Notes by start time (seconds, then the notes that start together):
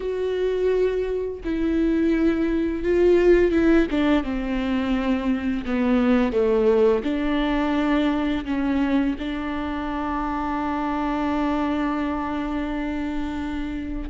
0.00 F#4
1.44 E4
2.83 F4
3.51 E4
3.90 D4
4.24 C4
5.65 B3
6.32 A3
7.03 D4
8.45 C#4
9.19 D4